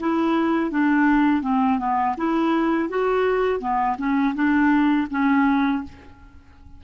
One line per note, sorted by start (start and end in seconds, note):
0.00 0.71 E4
0.71 1.42 D4
1.42 1.79 C4
1.79 2.16 B3
2.18 2.89 E4
2.89 3.60 F#4
3.60 3.97 B3
3.98 4.35 C#4
4.35 5.08 D4
5.11 5.84 C#4